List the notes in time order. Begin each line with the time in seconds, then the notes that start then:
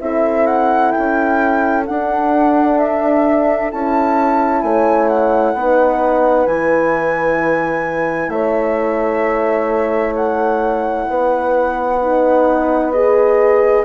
0.00 C4 E4 A4 E5
0.47 F#5
0.92 G5
0.98 C#4
1.86 D4 F#5
2.78 E5
3.71 C#4 E4 A5
4.62 A3 C#5 G#5
5.08 F#5
5.54 B3 D#4 B4
6.47 E3 E4 G#5
8.28 A3 C#5 E5
10.15 F#5
11.08 B3 B4
12.02 D#4
12.92 G#4 D#5